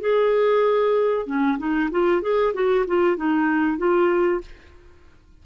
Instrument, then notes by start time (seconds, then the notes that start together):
clarinet
0.00 G#4
1.26 C#4
1.58 D#4
1.91 F4
2.21 G#4
2.53 F#4
2.87 F4
3.16 D#4
3.77 F4